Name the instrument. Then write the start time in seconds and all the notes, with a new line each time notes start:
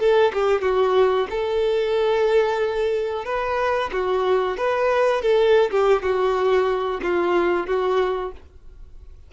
violin
0.00 A4
0.34 G4
0.62 F#4
1.31 A4
3.26 B4
3.93 F#4
4.58 B4
5.22 A4
5.71 G4
6.03 F#4
7.03 F4
7.67 F#4